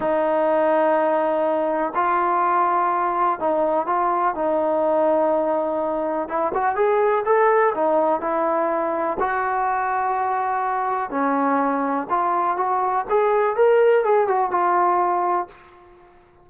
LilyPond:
\new Staff \with { instrumentName = "trombone" } { \time 4/4 \tempo 4 = 124 dis'1 | f'2. dis'4 | f'4 dis'2.~ | dis'4 e'8 fis'8 gis'4 a'4 |
dis'4 e'2 fis'4~ | fis'2. cis'4~ | cis'4 f'4 fis'4 gis'4 | ais'4 gis'8 fis'8 f'2 | }